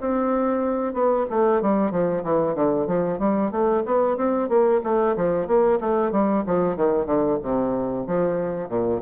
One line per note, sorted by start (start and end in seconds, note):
0.00 0.93 C4
0.93 1.26 B3
1.30 1.61 A3
1.61 1.91 G3
1.91 2.23 F3
2.23 2.55 E3
2.55 2.87 D3
2.87 3.18 F3
3.18 3.51 G3
3.51 3.83 A3
3.85 4.17 B3
4.17 4.48 C4
4.48 4.81 A#3
4.83 5.16 A3
5.16 5.47 F3
5.47 5.79 A#3
5.80 6.11 A3
6.11 6.44 G3
6.46 6.76 F3
6.76 7.06 D#3
7.06 7.38 D3
7.42 8.06 C3
8.06 8.69 F3
8.69 9.01 A#2